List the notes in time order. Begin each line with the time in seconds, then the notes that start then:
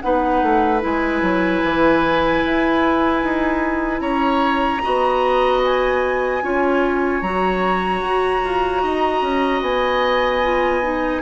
0.00 B3 D#4 B4 F#5
0.42 A3
0.80 G#3 E4 G#5
1.21 F#3
1.63 E3
2.44 E4
3.23 D#4
4.00 C#4 C#5 A#5
4.82 B3 F#4 D#5
5.64 G#5
6.42 C#4 F4 C#5
7.21 F#3 F#4 A#5
8.01 F#4
8.44 F4
8.82 D#4 D#5
9.21 C#4
9.61 B3 G#5
10.43 F4
10.82 D#4